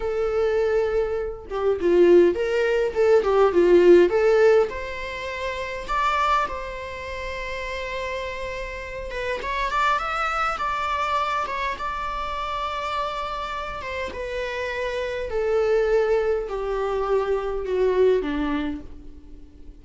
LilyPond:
\new Staff \with { instrumentName = "viola" } { \time 4/4 \tempo 4 = 102 a'2~ a'8 g'8 f'4 | ais'4 a'8 g'8 f'4 a'4 | c''2 d''4 c''4~ | c''2.~ c''8 b'8 |
cis''8 d''8 e''4 d''4. cis''8 | d''2.~ d''8 c''8 | b'2 a'2 | g'2 fis'4 d'4 | }